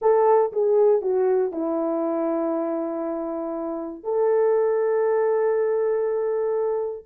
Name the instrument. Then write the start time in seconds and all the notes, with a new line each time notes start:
horn
0.01 A4
0.52 G#4
1.01 F#4
1.51 E4
4.03 A4